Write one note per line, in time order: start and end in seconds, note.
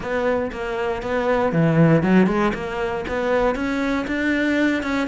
0.00 0.51 B3
0.52 1.02 A#3
1.02 1.52 B3
1.52 2.02 E3
2.02 2.26 F#3
2.26 2.52 G#3
2.54 3.04 A#3
3.07 3.55 B3
3.55 4.05 C#4
4.07 4.83 D4
4.83 5.07 C#4